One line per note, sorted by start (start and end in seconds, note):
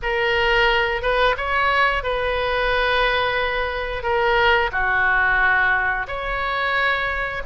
0.02 1.01 A#4
1.01 1.35 B4
1.37 2.03 C#5
2.03 4.03 B4
4.03 4.70 A#4
4.72 6.06 F#4
6.07 7.42 C#5